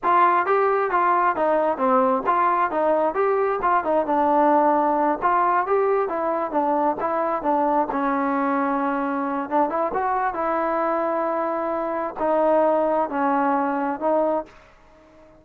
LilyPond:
\new Staff \with { instrumentName = "trombone" } { \time 4/4 \tempo 4 = 133 f'4 g'4 f'4 dis'4 | c'4 f'4 dis'4 g'4 | f'8 dis'8 d'2~ d'8 f'8~ | f'8 g'4 e'4 d'4 e'8~ |
e'8 d'4 cis'2~ cis'8~ | cis'4 d'8 e'8 fis'4 e'4~ | e'2. dis'4~ | dis'4 cis'2 dis'4 | }